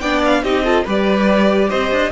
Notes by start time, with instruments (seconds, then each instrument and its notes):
0.00 cello B3, viola D4, violin D5 G5
0.24 violin F5
0.43 cello C4, viola D#4, violin G4 D#5
0.64 viola F4, violin A4
0.84 cello G3, viola G4, violin B4 D5
1.69 cello C4, violin C5 D#5
1.91 cello D4